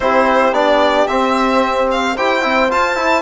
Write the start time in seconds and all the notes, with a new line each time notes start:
0.00 C4 E4 G4 C5
0.51 B3 D4 D5
1.07 C4 E5
1.91 F5
2.15 E4 G4 C5 G5
2.42 C4 E4
2.69 F4 A5
2.95 E4